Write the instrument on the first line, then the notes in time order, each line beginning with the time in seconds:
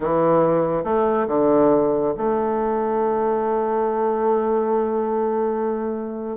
bassoon
0.00 E3
0.83 A3
1.27 D3
2.17 A3